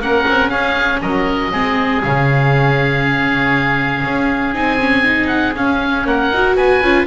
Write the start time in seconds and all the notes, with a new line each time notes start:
0.00 A#3 C#4 A#4 F#5
0.27 C4
0.49 C#4 G#4 F5
1.01 F#3 A#4 D#5
1.52 G#3 C4 G#4
2.02 C#3 C#4 F5
4.04 C#4
4.54 C4 D#4 G#5
4.80 C#4
5.03 D#4
5.27 F#5
5.55 C#4 F5
6.05 A#3 A#4 F#5
6.31 D#4 F#4
6.55 B3 B4 G#5
6.81 C#4 F4